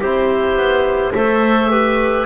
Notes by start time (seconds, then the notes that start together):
0.00 C4 E4 G4 C5
0.55 B3
1.13 A3 A4 C5 E5
1.69 G4 B4